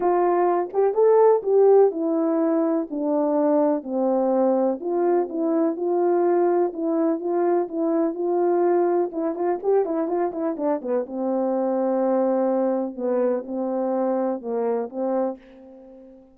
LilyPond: \new Staff \with { instrumentName = "horn" } { \time 4/4 \tempo 4 = 125 f'4. g'8 a'4 g'4 | e'2 d'2 | c'2 f'4 e'4 | f'2 e'4 f'4 |
e'4 f'2 e'8 f'8 | g'8 e'8 f'8 e'8 d'8 b8 c'4~ | c'2. b4 | c'2 ais4 c'4 | }